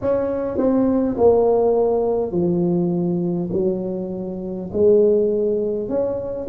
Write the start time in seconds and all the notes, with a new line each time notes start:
0.01 C#4
0.57 C4
1.17 A#3
2.32 F3
3.52 F#3
4.73 G#3
5.88 C#4